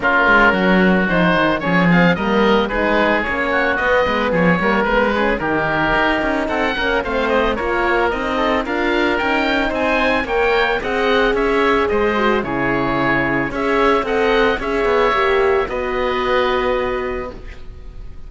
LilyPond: <<
  \new Staff \with { instrumentName = "oboe" } { \time 4/4 \tempo 4 = 111 ais'2 c''4 cis''8 f''8 | dis''4 b'4 cis''4 dis''4 | cis''4 b'4 ais'2 | fis''4 f''8 dis''8 cis''4 dis''4 |
f''4 g''4 gis''4 g''4 | fis''4 e''4 dis''4 cis''4~ | cis''4 e''4 fis''4 e''4~ | e''4 dis''2. | }
  \new Staff \with { instrumentName = "oboe" } { \time 4/4 f'4 fis'2 gis'4 | ais'4 gis'4. fis'4 b'8 | gis'8 ais'4 gis'8 g'2 | a'8 ais'8 c''4 ais'4. a'8 |
ais'2 c''4 cis''4 | dis''4 cis''4 c''4 gis'4~ | gis'4 cis''4 dis''4 cis''4~ | cis''4 b'2. | }
  \new Staff \with { instrumentName = "horn" } { \time 4/4 cis'2 dis'4 cis'8 c'8 | ais4 dis'4 cis'4 b4~ | b8 ais8 b8 cis'8 dis'2~ | dis'8 cis'8 c'4 f'4 dis'4 |
f'4 dis'2 ais'4 | gis'2~ gis'8 fis'8 e'4~ | e'4 gis'4 a'4 gis'4 | g'4 fis'2. | }
  \new Staff \with { instrumentName = "cello" } { \time 4/4 ais8 gis8 fis4 f8 dis8 f4 | g4 gis4 ais4 b8 gis8 | f8 g8 gis4 dis4 dis'8 cis'8 | c'8 ais8 a4 ais4 c'4 |
d'4 cis'4 c'4 ais4 | c'4 cis'4 gis4 cis4~ | cis4 cis'4 c'4 cis'8 b8 | ais4 b2. | }
>>